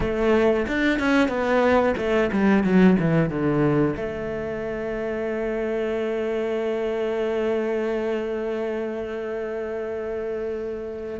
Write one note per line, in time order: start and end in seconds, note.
0.00 0.66 A3
0.67 0.99 D4
0.99 1.28 C#4
1.28 1.94 B3
1.97 2.30 A3
2.32 2.63 G3
2.63 2.96 F#3
2.99 3.29 E3
3.29 3.95 D3
3.96 11.20 A3